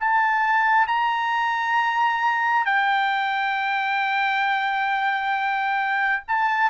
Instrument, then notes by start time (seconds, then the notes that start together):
trumpet
0.00 A5
0.87 A#5
2.65 G5
6.28 A5